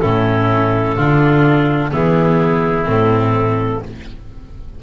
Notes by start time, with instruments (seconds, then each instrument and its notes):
0.00 double bass A2, viola C#4, oboe E4, clarinet A4
0.96 double bass D3, viola D4, oboe F4
1.91 double bass E3, viola B3, oboe E4, clarinet G#4
2.85 double bass A2, viola C4, clarinet A4